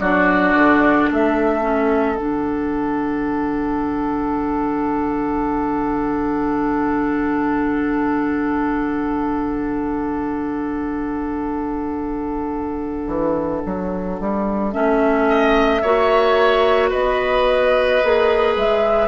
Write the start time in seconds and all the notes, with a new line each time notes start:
0.00 F#3 D4 F#4 D5
0.54 D3
1.10 A3 A4 E5
1.61 C#4
2.16 D3 D4 F#5
13.07 E3
13.66 F#3
14.20 G3
14.72 A3 C#4 E5
15.29 D#5
15.82 A#3 F#4 C#5
16.90 B3 B4 D#5
18.03 A#3 G#4
18.56 G#3 E5